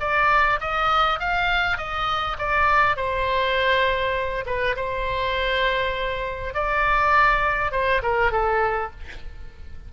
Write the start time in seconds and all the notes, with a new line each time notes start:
0.00 D5
0.60 D#5
1.19 F5
1.77 D#5
2.38 D5
2.96 C5
4.46 B4
4.76 C5
6.54 D5
7.71 C5
8.02 A#4
8.31 A4